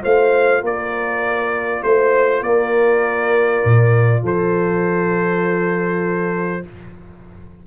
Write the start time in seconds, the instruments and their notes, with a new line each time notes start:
0.00 tuba A3, trombone F4, horn C5, trumpet F5
0.62 tuba A#3, horn A#4, trumpet D5
1.83 tuba A3, trumpet C5, horn C5
2.42 tuba A#3, horn A#4, trumpet D5
3.64 tuba A#2
4.23 tuba F3, horn A4, trumpet C5